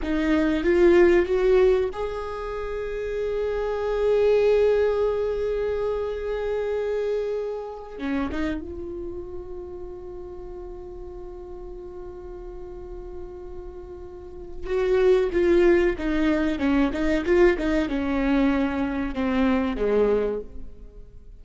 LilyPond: \new Staff \with { instrumentName = "viola" } { \time 4/4 \tempo 4 = 94 dis'4 f'4 fis'4 gis'4~ | gis'1~ | gis'1~ | gis'8 cis'8 dis'8 f'2~ f'8~ |
f'1~ | f'2. fis'4 | f'4 dis'4 cis'8 dis'8 f'8 dis'8 | cis'2 c'4 gis4 | }